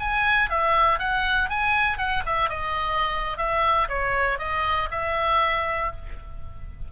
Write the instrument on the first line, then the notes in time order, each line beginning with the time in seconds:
oboe
0.00 G#5
0.50 E5
0.99 F#5
1.50 G#5
1.98 F#5
2.26 E5
2.50 D#5
3.38 E5
3.89 C#5
4.39 D#5
4.91 E5